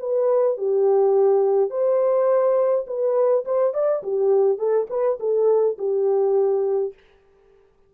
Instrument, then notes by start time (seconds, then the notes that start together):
horn
0.00 B4
0.57 G4
1.70 C5
2.87 B4
3.45 C5
3.74 D5
4.03 G4
4.58 A4
4.90 B4
5.20 A4
5.78 G4